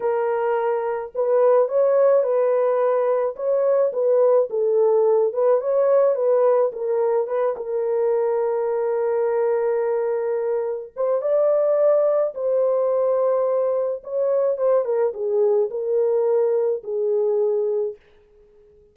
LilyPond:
\new Staff \with { instrumentName = "horn" } { \time 4/4 \tempo 4 = 107 ais'2 b'4 cis''4 | b'2 cis''4 b'4 | a'4. b'8 cis''4 b'4 | ais'4 b'8 ais'2~ ais'8~ |
ais'2.~ ais'8 c''8 | d''2 c''2~ | c''4 cis''4 c''8 ais'8 gis'4 | ais'2 gis'2 | }